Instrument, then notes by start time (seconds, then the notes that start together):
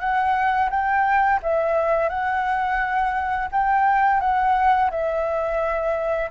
flute
0.00 F#5
0.70 G5
1.43 E5
2.09 F#5
3.52 G5
4.21 F#5
4.91 E5